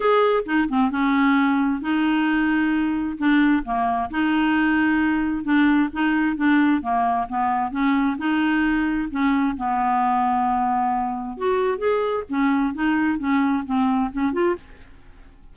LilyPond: \new Staff \with { instrumentName = "clarinet" } { \time 4/4 \tempo 4 = 132 gis'4 dis'8 c'8 cis'2 | dis'2. d'4 | ais4 dis'2. | d'4 dis'4 d'4 ais4 |
b4 cis'4 dis'2 | cis'4 b2.~ | b4 fis'4 gis'4 cis'4 | dis'4 cis'4 c'4 cis'8 f'8 | }